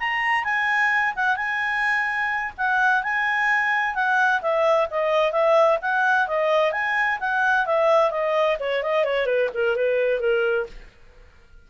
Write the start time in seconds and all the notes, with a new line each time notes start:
0.00 A#5
0.44 G#5
1.16 F#5
1.37 G#5
2.58 F#5
3.04 G#5
3.95 F#5
4.42 E5
4.91 D#5
5.32 E5
5.82 F#5
6.28 D#5
6.73 G#5
7.20 F#5
7.66 E5
8.11 D#5
8.60 C#5
8.83 D#5
9.05 C#5
9.26 B4
9.54 A#4
9.76 B4
10.20 A#4